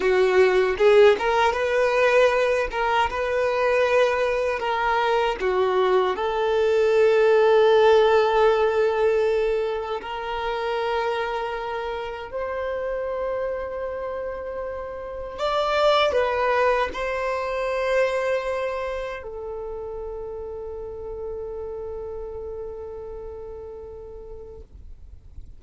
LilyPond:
\new Staff \with { instrumentName = "violin" } { \time 4/4 \tempo 4 = 78 fis'4 gis'8 ais'8 b'4. ais'8 | b'2 ais'4 fis'4 | a'1~ | a'4 ais'2. |
c''1 | d''4 b'4 c''2~ | c''4 a'2.~ | a'1 | }